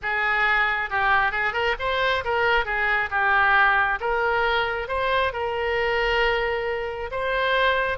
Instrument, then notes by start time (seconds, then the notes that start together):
oboe
0.02 G#4
0.89 G4
1.31 G#4
1.53 A#4
1.79 C5
2.24 A#4
2.65 G#4
3.10 G4
4.00 A#4
4.88 C5
5.32 A#4
7.11 C5